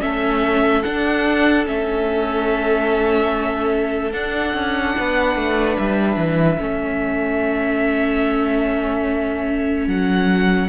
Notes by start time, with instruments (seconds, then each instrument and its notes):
0.00 cello A3, viola C#4, violin A4 E5
0.82 viola D4, cello D4, violin F#5
1.65 cello A3, viola C#4, violin E5
4.12 viola D4, cello D4, violin F#5
4.53 cello C#4
4.97 cello B3, violin B4
5.35 cello A3
5.78 cello G3, violin E5
6.16 cello E3
6.58 cello A3, viola C#4, violin A4
9.87 cello F#3, violin F#5